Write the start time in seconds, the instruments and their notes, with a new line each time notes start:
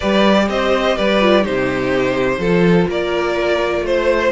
0.00 cello G3, viola G4, violin B4 D5
0.48 cello C4, violin C5 D#5
0.96 cello G3, violin B4 D5
1.20 viola F4
1.42 cello C3, viola D#4, violin G4 C5
2.38 cello F3, viola F4, violin A4
2.88 cello A#3, violin A#4 D5
3.81 cello A3, violin C5